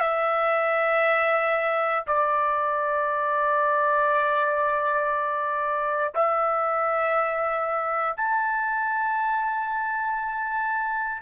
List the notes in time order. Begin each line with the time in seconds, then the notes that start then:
0.00 E5
2.07 D5
6.15 E5
8.17 A5